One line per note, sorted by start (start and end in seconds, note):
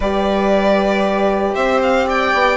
0.00 1.54 G3
0.00 2.56 G4
0.00 1.54 B4
0.00 1.54 D5
1.54 2.33 C4
1.54 2.06 C5
1.54 1.80 E5
1.82 2.08 F5
2.06 2.56 D5
2.06 2.56 G5
2.33 2.56 B3